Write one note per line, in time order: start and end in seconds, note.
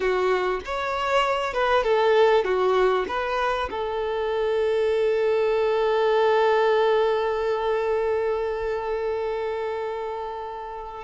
0.00 0.60 F#4
0.65 1.53 C#5
1.53 1.83 B4
1.83 2.44 A4
2.44 3.05 F#4
3.08 3.69 B4
3.70 11.04 A4